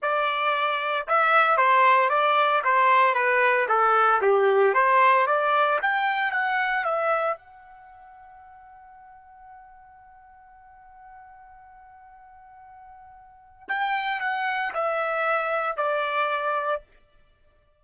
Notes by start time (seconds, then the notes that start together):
0.01 D5
1.07 E5
1.57 C5
2.09 D5
2.64 C5
3.14 B4
3.68 A4
4.21 G4
4.74 C5
5.26 D5
5.82 G5
6.31 F#5
6.84 E5
7.37 F#5
13.68 G5
14.20 F#5
14.74 E5
15.77 D5